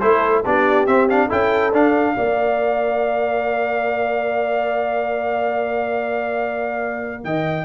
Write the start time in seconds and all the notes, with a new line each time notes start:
0.00 A3 E4 A4 C5
0.45 B3 D4 G4 D5
0.87 C4 E5
1.09 D4 F5
1.28 C#4 E4 A4 G5
1.72 D4 F5
2.16 A#3 A#4 D5
7.24 D#3 D#5 G5